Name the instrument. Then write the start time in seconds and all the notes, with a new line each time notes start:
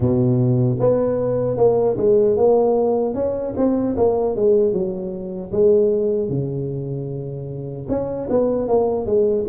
tuba
0.00 B2
0.79 B3
1.57 A#3
1.97 G#3
2.36 A#3
3.14 C#4
3.56 C4
3.96 A#3
4.35 G#3
4.72 F#3
5.52 G#3
6.29 C#3
7.88 C#4
8.29 B3
8.68 A#3
9.05 G#3